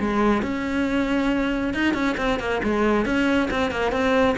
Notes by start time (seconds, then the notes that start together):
0.00 G#3
0.42 C#4
1.74 D#4
1.94 C#4
2.17 C4
2.40 A#3
2.63 G#3
3.05 C#4
3.51 C4
3.71 A#3
3.92 C4